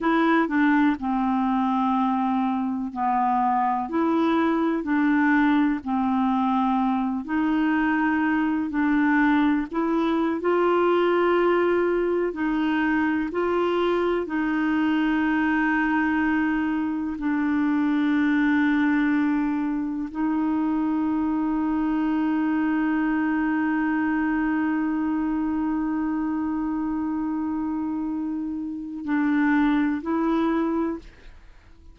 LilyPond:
\new Staff \with { instrumentName = "clarinet" } { \time 4/4 \tempo 4 = 62 e'8 d'8 c'2 b4 | e'4 d'4 c'4. dis'8~ | dis'4 d'4 e'8. f'4~ f'16~ | f'8. dis'4 f'4 dis'4~ dis'16~ |
dis'4.~ dis'16 d'2~ d'16~ | d'8. dis'2.~ dis'16~ | dis'1~ | dis'2 d'4 e'4 | }